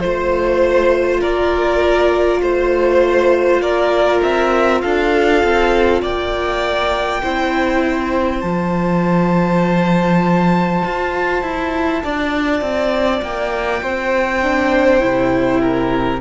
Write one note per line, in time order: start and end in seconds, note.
0.00 1.24 A3
0.00 7.22 F4
0.00 1.20 C5
0.00 1.21 C5
1.21 2.42 A#3
1.21 2.41 A#4
1.21 2.42 D5
2.42 3.61 A3
2.42 3.62 C5
3.61 4.21 A#3
3.61 4.82 A#4
3.61 4.21 D5
4.22 4.83 C4
4.22 4.81 E5
4.81 5.43 D4
4.81 6.02 A4
4.81 6.01 F5
5.43 6.02 C4
6.02 7.22 A#3
6.02 7.21 D5
6.02 8.41 G5
7.23 8.43 C4
7.23 8.42 E4
7.23 12.03 C5
8.41 10.83 F3
8.41 14.42 F4
8.41 13.21 A5
10.85 11.42 F4
11.42 12.02 E4
12.04 12.61 D4
12.04 13.83 D5
12.61 13.21 C4
13.22 13.82 A#3
13.22 16.21 G5
13.83 15.03 C4
13.83 15.61 C5
14.43 15.00 D4
15.00 16.21 C3
15.00 16.20 E4
15.61 16.21 A#4